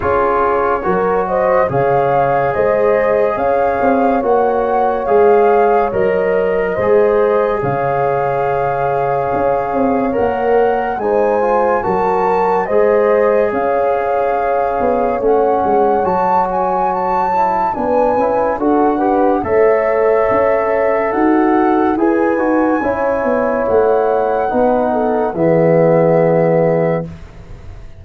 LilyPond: <<
  \new Staff \with { instrumentName = "flute" } { \time 4/4 \tempo 4 = 71 cis''4. dis''8 f''4 dis''4 | f''4 fis''4 f''4 dis''4~ | dis''4 f''2. | fis''4 gis''4 a''4 dis''4 |
f''2 fis''4 a''8 gis''8 | a''4 gis''4 fis''4 e''4~ | e''4 fis''4 gis''2 | fis''2 e''2 | }
  \new Staff \with { instrumentName = "horn" } { \time 4/4 gis'4 ais'8 c''8 cis''4 c''4 | cis''1 | c''4 cis''2.~ | cis''4 c''4 ais'4 c''4 |
cis''1~ | cis''4 b'4 a'8 b'8 cis''4~ | cis''4 fis'4 b'4 cis''4~ | cis''4 b'8 a'8 gis'2 | }
  \new Staff \with { instrumentName = "trombone" } { \time 4/4 f'4 fis'4 gis'2~ | gis'4 fis'4 gis'4 ais'4 | gis'1 | ais'4 dis'8 f'8 fis'4 gis'4~ |
gis'2 cis'4 fis'4~ | fis'8 e'8 d'8 e'8 fis'8 g'8 a'4~ | a'2 gis'8 fis'8 e'4~ | e'4 dis'4 b2 | }
  \new Staff \with { instrumentName = "tuba" } { \time 4/4 cis'4 fis4 cis4 gis4 | cis'8 c'8 ais4 gis4 fis4 | gis4 cis2 cis'8 c'8 | ais4 gis4 fis4 gis4 |
cis'4. b8 a8 gis8 fis4~ | fis4 b8 cis'8 d'4 a4 | cis'4 dis'4 e'8 dis'8 cis'8 b8 | a4 b4 e2 | }
>>